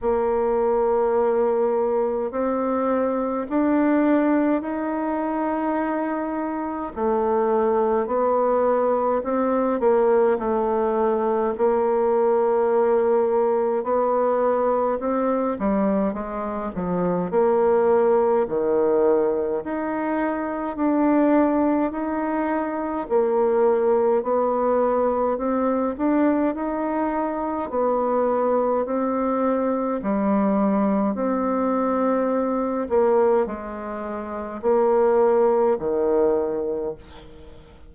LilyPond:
\new Staff \with { instrumentName = "bassoon" } { \time 4/4 \tempo 4 = 52 ais2 c'4 d'4 | dis'2 a4 b4 | c'8 ais8 a4 ais2 | b4 c'8 g8 gis8 f8 ais4 |
dis4 dis'4 d'4 dis'4 | ais4 b4 c'8 d'8 dis'4 | b4 c'4 g4 c'4~ | c'8 ais8 gis4 ais4 dis4 | }